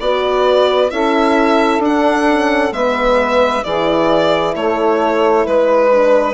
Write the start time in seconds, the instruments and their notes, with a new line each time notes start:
0.00 bassoon B3, horn F#4, saxophone B4, violin D5
0.90 bassoon C#4, horn E4, saxophone A4, violin E5
1.79 bassoon D4, horn D4, violin F#5
2.28 horn C#4
2.72 bassoon G#3, horn B3, saxophone B4, violin E5
3.63 bassoon E3, horn E4, saxophone G#4, violin D5
4.55 bassoon A3, saxophone A4, violin C#5
5.45 bassoon G#3, saxophone B4, violin B4
5.91 horn D4